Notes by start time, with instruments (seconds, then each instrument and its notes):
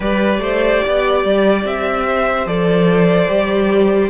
0.00 cello G3, viola G4, violin B4 D5
0.39 cello A3, violin C5
0.83 cello B3, violin D5
1.24 cello G3
1.64 cello C4, violin E5
2.07 violin C5
2.46 cello F3, viola A4, violin D5
3.28 cello G3, viola G4